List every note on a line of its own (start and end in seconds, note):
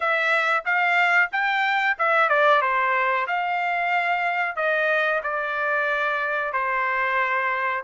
0.00 0.63 E5
0.65 1.30 F5
1.32 1.97 G5
1.98 2.29 E5
2.29 2.61 D5
2.61 3.26 C5
3.27 4.56 F5
4.56 5.21 D#5
5.23 6.52 D5
6.52 7.83 C5